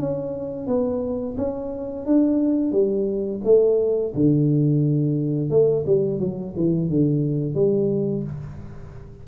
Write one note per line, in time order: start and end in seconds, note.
0.00 0.67 C#4
0.67 1.36 B3
1.38 2.06 C#4
2.06 2.72 D4
2.72 3.41 G3
3.45 4.14 A3
4.15 5.50 D3
5.50 5.85 A3
5.87 6.20 G3
6.20 6.54 F#3
6.57 6.90 E3
6.90 7.55 D3
7.55 8.24 G3